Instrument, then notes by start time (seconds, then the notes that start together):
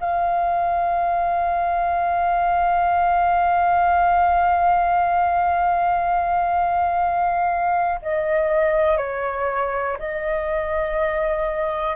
flute
0.00 F5
8.02 D#5
8.97 C#5
9.98 D#5